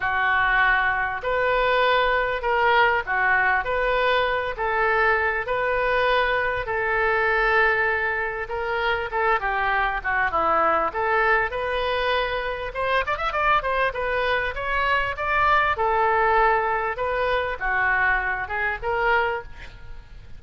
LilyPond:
\new Staff \with { instrumentName = "oboe" } { \time 4/4 \tempo 4 = 99 fis'2 b'2 | ais'4 fis'4 b'4. a'8~ | a'4 b'2 a'4~ | a'2 ais'4 a'8 g'8~ |
g'8 fis'8 e'4 a'4 b'4~ | b'4 c''8 d''16 e''16 d''8 c''8 b'4 | cis''4 d''4 a'2 | b'4 fis'4. gis'8 ais'4 | }